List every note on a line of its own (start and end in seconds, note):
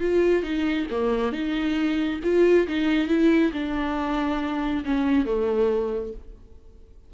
0.00 0.43 F4
0.43 0.86 D#4
0.90 1.32 A#3
1.32 2.19 D#4
2.23 2.67 F4
2.67 3.08 D#4
3.08 3.51 E4
3.52 4.84 D4
4.85 5.25 C#4
5.25 6.13 A3